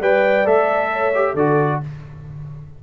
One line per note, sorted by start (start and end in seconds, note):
0.00 0.46 G3
0.00 0.45 B4
0.00 0.90 D5
0.00 0.47 G5
0.45 1.34 A3
0.45 1.13 A4
0.45 1.36 E5
0.92 1.33 C#5
1.15 1.37 G4
1.33 1.79 D3
1.33 1.83 F#4
1.33 1.79 A4
1.33 1.81 D5